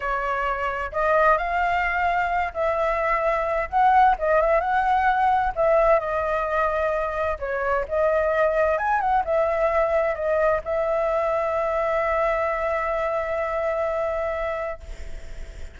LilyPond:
\new Staff \with { instrumentName = "flute" } { \time 4/4 \tempo 4 = 130 cis''2 dis''4 f''4~ | f''4. e''2~ e''8 | fis''4 dis''8 e''8 fis''2 | e''4 dis''2. |
cis''4 dis''2 gis''8 fis''8 | e''2 dis''4 e''4~ | e''1~ | e''1 | }